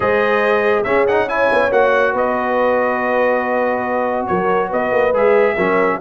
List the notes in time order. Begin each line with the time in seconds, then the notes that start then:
0.00 G#3 G#4 C5 D#5
0.83 C#4 G#4 E5
1.07 D#4 F#5
1.28 E4 C#5 G#5
1.52 B3
1.70 A#3 F#4 F#5
2.12 B3 B4 D#5
4.27 F#3 A#4 C#5
4.69 B3 B4 D#5
4.91 A#3
5.13 G#3 G#4 E5
5.55 F#3 C#4 A#4